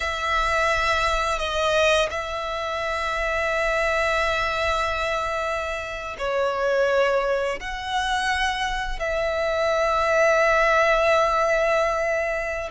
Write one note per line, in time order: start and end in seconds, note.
0.00 1.38 E5
1.38 2.09 D#5
2.10 6.16 E5
6.18 7.59 C#5
7.60 8.99 F#5
8.99 12.69 E5